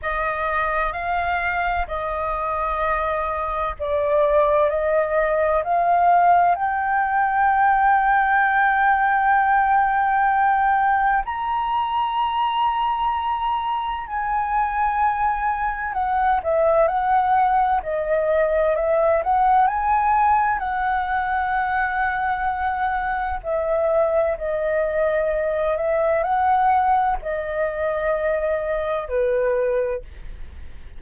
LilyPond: \new Staff \with { instrumentName = "flute" } { \time 4/4 \tempo 4 = 64 dis''4 f''4 dis''2 | d''4 dis''4 f''4 g''4~ | g''1 | ais''2. gis''4~ |
gis''4 fis''8 e''8 fis''4 dis''4 | e''8 fis''8 gis''4 fis''2~ | fis''4 e''4 dis''4. e''8 | fis''4 dis''2 b'4 | }